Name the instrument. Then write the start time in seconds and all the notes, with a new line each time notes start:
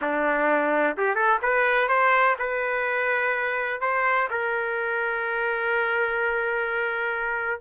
trumpet
0.01 D4
0.97 G4
1.15 A4
1.42 B4
1.88 C5
2.38 B4
3.80 C5
4.30 A#4